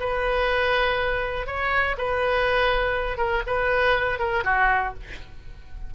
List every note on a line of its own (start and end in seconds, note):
0.00 1.47 B4
1.47 1.97 C#5
1.98 3.18 B4
3.18 3.42 A#4
3.47 4.19 B4
4.19 4.44 A#4
4.44 4.94 F#4